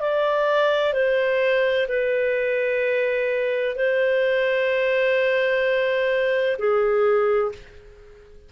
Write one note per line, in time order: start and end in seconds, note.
0.00 0.93 D5
0.93 1.87 C5
1.88 3.75 B4
3.75 6.57 C5
6.58 7.52 G#4